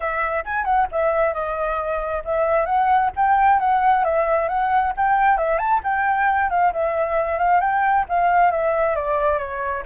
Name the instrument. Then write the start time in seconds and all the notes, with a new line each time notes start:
flute
0.00 E5
0.45 G#5
0.65 F#5
0.91 E5
1.33 D#5
2.24 E5
2.65 F#5
3.16 G5
3.59 F#5
4.04 E5
4.48 F#5
4.96 G5
5.37 E5
5.58 A5
5.83 G5
6.49 F5
6.72 E5
7.38 F5
7.60 G5
8.08 F5
8.51 E5
8.95 D5
9.38 C#5